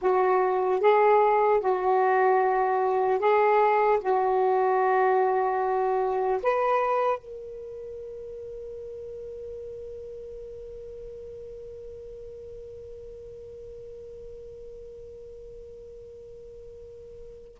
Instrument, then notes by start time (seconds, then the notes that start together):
saxophone
0.01 F#4
0.80 G#4
1.60 F#4
3.19 G#4
4.00 F#4
6.42 B4
7.18 A#4